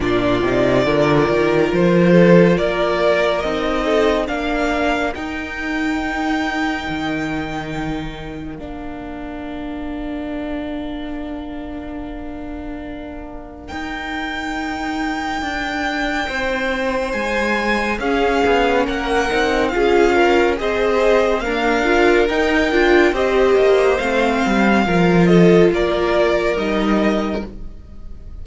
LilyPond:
<<
  \new Staff \with { instrumentName = "violin" } { \time 4/4 \tempo 4 = 70 d''2 c''4 d''4 | dis''4 f''4 g''2~ | g''2 f''2~ | f''1 |
g''1 | gis''4 f''4 fis''4 f''4 | dis''4 f''4 g''4 dis''4 | f''4. dis''8 d''4 dis''4 | }
  \new Staff \with { instrumentName = "violin" } { \time 4/4 f'4 ais'4. a'8 ais'4~ | ais'8 a'8 ais'2.~ | ais'1~ | ais'1~ |
ais'2. c''4~ | c''4 gis'4 ais'4 gis'8 ais'8 | c''4 ais'2 c''4~ | c''4 ais'8 a'8 ais'2 | }
  \new Staff \with { instrumentName = "viola" } { \time 4/4 d'8 dis'8 f'2. | dis'4 d'4 dis'2~ | dis'2 d'2~ | d'1 |
dis'1~ | dis'4 cis'4. dis'8 f'4 | gis'4 ais8 f'8 dis'8 f'8 g'4 | c'4 f'2 dis'4 | }
  \new Staff \with { instrumentName = "cello" } { \time 4/4 ais,8 c8 d8 dis8 f4 ais4 | c'4 ais4 dis'2 | dis2 ais2~ | ais1 |
dis'2 d'4 c'4 | gis4 cis'8 b8 ais8 c'8 cis'4 | c'4 d'4 dis'8 d'8 c'8 ais8 | a8 g8 f4 ais4 g4 | }
>>